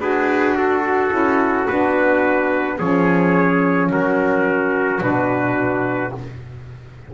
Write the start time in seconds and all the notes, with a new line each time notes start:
0.00 D4 F#4 G#4 B4
0.56 F#4 A4
1.10 C#4 E4
1.67 B3 D4 B4
2.78 F3 C#4 G#4 C#5
3.92 F#3 F#4 A#4
5.00 B2 D4 B4